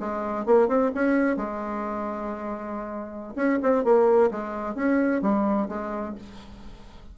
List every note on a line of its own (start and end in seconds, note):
0.00 0.46 G#3
0.46 0.68 A#3
0.68 0.92 C4
0.95 1.37 C#4
1.37 3.34 G#3
3.36 3.59 C#4
3.63 3.85 C4
3.85 4.31 A#3
4.31 4.75 G#3
4.75 5.22 C#4
5.22 5.68 G3
5.69 6.15 G#3